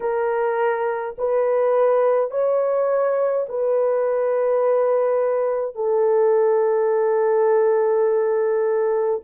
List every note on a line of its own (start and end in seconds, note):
0.00 1.15 A#4
1.18 2.31 B4
2.31 3.46 C#5
3.48 5.75 B4
5.75 9.21 A4